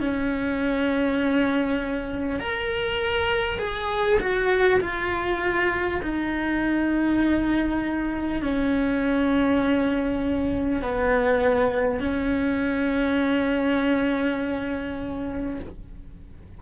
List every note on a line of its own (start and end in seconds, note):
0.00 2.40 C#4
2.40 3.59 A#4
3.59 4.19 G#4
4.20 4.80 F#4
4.81 6.01 F4
6.03 8.42 D#4
8.42 10.82 C#4
10.82 12.01 B3
12.01 15.61 C#4